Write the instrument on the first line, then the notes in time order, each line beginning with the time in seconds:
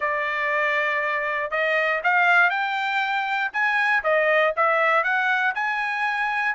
trumpet
0.00 D5
1.50 D#5
2.03 F5
2.50 G5
3.52 G#5
4.03 D#5
4.56 E5
5.03 F#5
5.54 G#5